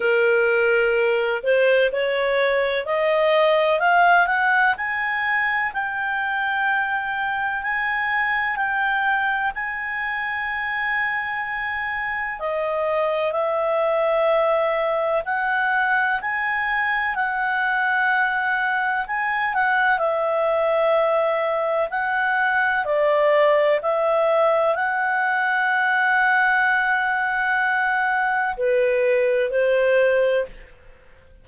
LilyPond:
\new Staff \with { instrumentName = "clarinet" } { \time 4/4 \tempo 4 = 63 ais'4. c''8 cis''4 dis''4 | f''8 fis''8 gis''4 g''2 | gis''4 g''4 gis''2~ | gis''4 dis''4 e''2 |
fis''4 gis''4 fis''2 | gis''8 fis''8 e''2 fis''4 | d''4 e''4 fis''2~ | fis''2 b'4 c''4 | }